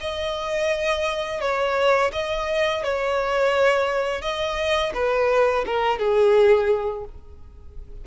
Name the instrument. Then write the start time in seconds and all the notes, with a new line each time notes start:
violin
0.00 D#5
1.40 C#5
2.12 D#5
2.83 C#5
4.21 D#5
4.94 B4
5.66 A#4
5.99 G#4